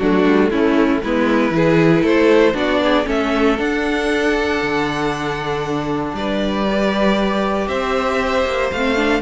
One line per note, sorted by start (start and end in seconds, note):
0.00 0.25 F#3
0.00 1.05 A3
0.00 0.52 D4
0.00 0.51 F#4
0.25 0.51 G3
0.51 1.02 A3
0.51 1.04 C#4
0.51 1.02 E4
1.04 1.51 G#3
1.04 1.52 B3
1.04 1.56 E4
1.04 2.06 B4
1.51 2.02 E3
1.51 2.54 E4
1.51 2.03 G#4
2.03 2.54 A3
2.03 2.54 A4
2.03 2.57 C5
2.54 3.06 B3
2.54 3.05 D4
2.54 2.81 F#4
2.54 3.09 D5
2.85 3.07 G#4
3.05 3.59 A3
3.05 3.56 C#4
3.05 6.14 A4
3.05 3.60 E5
3.58 6.66 D4
3.58 4.62 D4
3.58 6.15 F#5
4.63 6.13 D3
6.13 7.67 G3
6.13 7.68 B4
6.13 7.68 D5
6.71 8.76 G4
7.68 8.45 C4
7.68 9.22 C5
7.68 8.71 E5
8.46 8.72 A#3
8.72 9.22 A3
8.72 8.97 C4
8.72 9.22 F5
8.97 9.22 D4